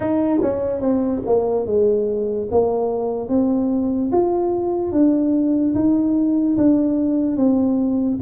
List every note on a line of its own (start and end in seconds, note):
0.00 0.40 D#4
0.41 0.80 C#4
0.80 1.21 C4
1.26 1.66 A#3
1.66 2.48 G#3
2.51 3.29 A#3
3.29 4.11 C4
4.11 4.92 F4
4.92 5.74 D4
5.74 6.56 D#4
6.57 7.36 D4
7.36 8.19 C4